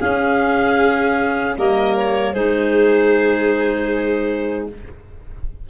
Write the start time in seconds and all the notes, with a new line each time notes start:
0.00 C#4 G#4 F5
1.56 G3 A#3 A#4 D#5
1.97 C#5
2.32 G#3 D#4 G#4 C5